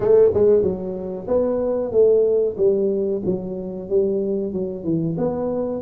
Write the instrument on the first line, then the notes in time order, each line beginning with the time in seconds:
tuba
0.00 A3
0.34 G#3
0.62 F#3
1.27 B3
1.91 A3
2.57 G3
3.25 F#3
3.89 G3
4.52 F#3
4.84 E3
5.17 B3